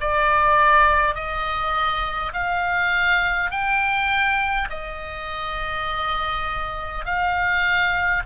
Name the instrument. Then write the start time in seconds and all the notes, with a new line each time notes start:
oboe
0.00 D5
1.14 D#5
2.33 F5
3.51 G5
4.70 D#5
7.05 F5